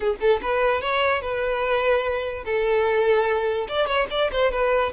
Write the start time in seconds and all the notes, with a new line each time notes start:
0.00 G#4
0.20 A4
0.42 B4
0.81 C#5
1.21 B4
2.45 A4
3.68 D5
3.86 C#5
4.10 D5
4.32 C5
4.51 B4